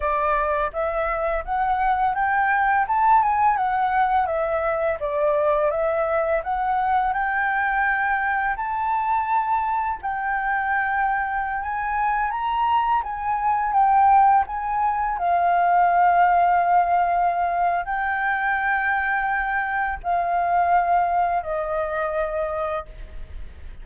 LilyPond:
\new Staff \with { instrumentName = "flute" } { \time 4/4 \tempo 4 = 84 d''4 e''4 fis''4 g''4 | a''8 gis''8 fis''4 e''4 d''4 | e''4 fis''4 g''2 | a''2 g''2~ |
g''16 gis''4 ais''4 gis''4 g''8.~ | g''16 gis''4 f''2~ f''8.~ | f''4 g''2. | f''2 dis''2 | }